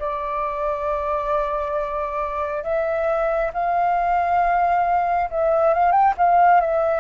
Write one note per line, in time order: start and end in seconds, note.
0.00 2.64 D5
2.64 3.52 E5
3.54 5.30 F5
5.31 5.74 E5
5.74 5.92 F5
5.92 6.14 G5
6.18 6.61 F5
6.61 7.01 E5